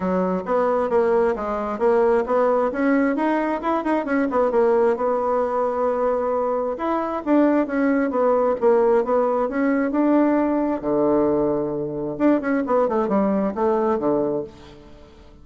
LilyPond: \new Staff \with { instrumentName = "bassoon" } { \time 4/4 \tempo 4 = 133 fis4 b4 ais4 gis4 | ais4 b4 cis'4 dis'4 | e'8 dis'8 cis'8 b8 ais4 b4~ | b2. e'4 |
d'4 cis'4 b4 ais4 | b4 cis'4 d'2 | d2. d'8 cis'8 | b8 a8 g4 a4 d4 | }